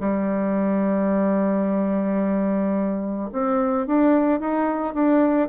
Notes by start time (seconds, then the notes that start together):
0.00 G3
3.33 C4
3.87 D4
4.40 D#4
4.94 D4